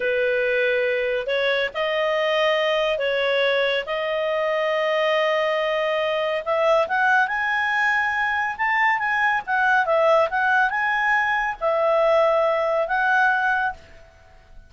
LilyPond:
\new Staff \with { instrumentName = "clarinet" } { \time 4/4 \tempo 4 = 140 b'2. cis''4 | dis''2. cis''4~ | cis''4 dis''2.~ | dis''2. e''4 |
fis''4 gis''2. | a''4 gis''4 fis''4 e''4 | fis''4 gis''2 e''4~ | e''2 fis''2 | }